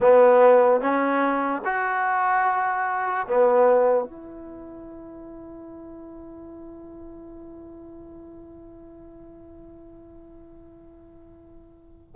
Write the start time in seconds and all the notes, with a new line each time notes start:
0.00 B3
0.80 C#4
1.64 F#4
3.27 B3
4.04 E4